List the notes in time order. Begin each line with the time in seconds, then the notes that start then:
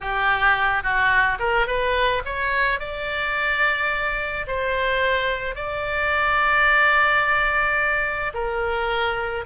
0.01 G4
0.83 F#4
1.39 A#4
1.67 B4
2.25 C#5
2.79 D5
4.47 C5
5.55 D5
8.33 A#4